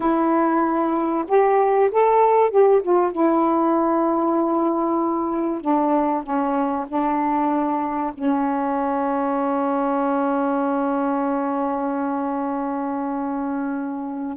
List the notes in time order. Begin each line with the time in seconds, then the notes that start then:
0.00 E4
1.28 G4
1.91 A4
2.50 G4
2.82 F4
3.12 E4
5.61 D4
6.23 C#4
6.88 D4
8.13 C#4